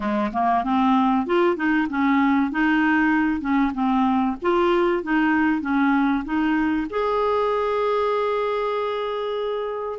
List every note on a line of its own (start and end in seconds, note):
0.00 0.31 G#3
0.33 0.64 A#3
0.64 1.26 C4
1.26 1.56 F4
1.56 1.88 D#4
1.89 2.51 C#4
2.51 3.41 D#4
3.41 3.72 C#4
3.74 4.36 C4
4.41 5.03 F4
5.03 5.61 D#4
5.61 6.23 C#4
6.24 6.87 D#4
6.90 9.99 G#4